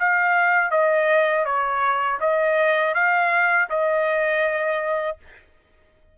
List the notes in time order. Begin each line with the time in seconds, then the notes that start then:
0.00 F5
0.71 D#5
1.45 C#5
2.21 D#5
2.95 F5
3.70 D#5